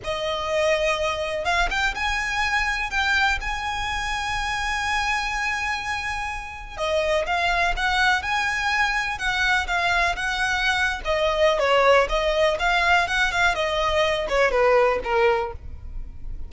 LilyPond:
\new Staff \with { instrumentName = "violin" } { \time 4/4 \tempo 4 = 124 dis''2. f''8 g''8 | gis''2 g''4 gis''4~ | gis''1~ | gis''2 dis''4 f''4 |
fis''4 gis''2 fis''4 | f''4 fis''4.~ fis''16 dis''4~ dis''16 | cis''4 dis''4 f''4 fis''8 f''8 | dis''4. cis''8 b'4 ais'4 | }